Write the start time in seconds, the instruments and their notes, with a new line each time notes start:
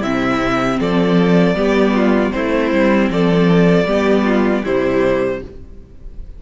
0.00 cello C3, viola C4, violin E4 E5
0.79 cello F3, violin A4 D5
1.54 cello G3, viola B3, violin G4
1.93 violin F4
2.32 cello A3, viola C4, violin E4 C5
2.71 cello G3
3.09 cello F3, violin A4 D5
3.85 cello G3, viola B3, violin G4
4.24 violin F4
4.63 cello C3, viola G3, violin E4 C5